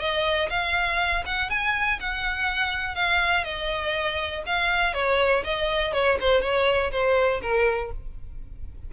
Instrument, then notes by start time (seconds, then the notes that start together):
violin
0.00 D#5
0.50 F5
1.26 F#5
1.50 G#5
2.00 F#5
2.95 F5
3.45 D#5
4.47 F5
4.95 C#5
5.45 D#5
5.94 C#5
6.21 C5
6.42 C#5
6.92 C5
7.42 A#4